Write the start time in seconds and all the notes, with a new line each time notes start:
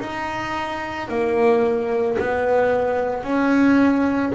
0.00 D#4
1.09 A#3
2.19 B3
3.24 C#4